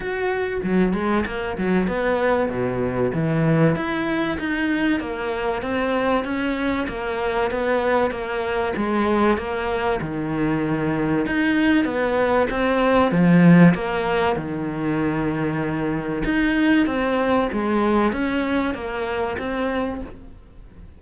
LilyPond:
\new Staff \with { instrumentName = "cello" } { \time 4/4 \tempo 4 = 96 fis'4 fis8 gis8 ais8 fis8 b4 | b,4 e4 e'4 dis'4 | ais4 c'4 cis'4 ais4 | b4 ais4 gis4 ais4 |
dis2 dis'4 b4 | c'4 f4 ais4 dis4~ | dis2 dis'4 c'4 | gis4 cis'4 ais4 c'4 | }